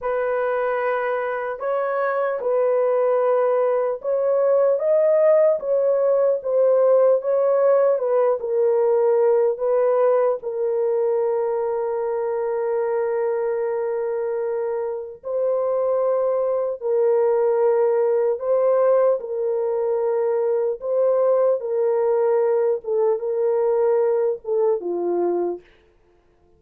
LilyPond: \new Staff \with { instrumentName = "horn" } { \time 4/4 \tempo 4 = 75 b'2 cis''4 b'4~ | b'4 cis''4 dis''4 cis''4 | c''4 cis''4 b'8 ais'4. | b'4 ais'2.~ |
ais'2. c''4~ | c''4 ais'2 c''4 | ais'2 c''4 ais'4~ | ais'8 a'8 ais'4. a'8 f'4 | }